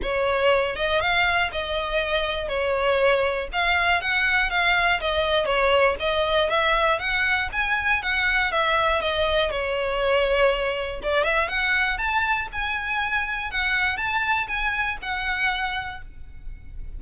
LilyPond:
\new Staff \with { instrumentName = "violin" } { \time 4/4 \tempo 4 = 120 cis''4. dis''8 f''4 dis''4~ | dis''4 cis''2 f''4 | fis''4 f''4 dis''4 cis''4 | dis''4 e''4 fis''4 gis''4 |
fis''4 e''4 dis''4 cis''4~ | cis''2 d''8 e''8 fis''4 | a''4 gis''2 fis''4 | a''4 gis''4 fis''2 | }